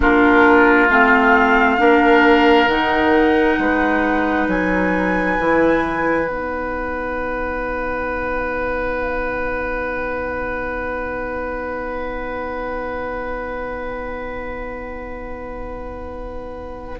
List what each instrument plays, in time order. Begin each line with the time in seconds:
0.00 bassoon A#3, clarinet D4, oboe F4, flute A#4
0.89 bassoon A3, clarinet C4, flute F5
1.78 bassoon A#3, clarinet D4, oboe A#4
2.67 bassoon D#3, clarinet D#4, flute F#5
3.58 bassoon G#3, oboe B4
4.47 bassoon F#3, flute G#5
5.39 bassoon E3, clarinet E4
6.25 bassoon B3, clarinet D#4, flute F#5